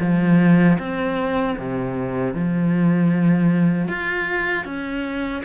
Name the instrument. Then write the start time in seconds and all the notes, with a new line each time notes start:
cello
0.00 F3
0.79 C4
1.58 C3
2.34 F3
3.88 F4
4.65 C#4